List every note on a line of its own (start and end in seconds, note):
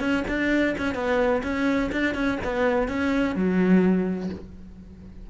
0.00 0.24 C#4
0.28 0.75 D4
0.78 0.95 C#4
0.95 1.42 B3
1.43 1.90 C#4
1.92 2.15 D4
2.15 2.39 C#4
2.44 2.89 B3
2.89 3.35 C#4
3.35 4.30 F#3